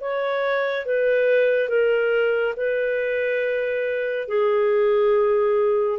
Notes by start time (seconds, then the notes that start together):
0.00 C#5
0.85 B4
1.68 A#4
2.56 B4
4.28 G#4